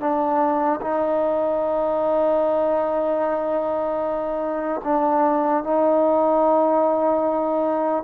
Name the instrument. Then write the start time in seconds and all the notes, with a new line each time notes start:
trombone
0.00 D4
0.81 D#4
4.84 D4
5.63 D#4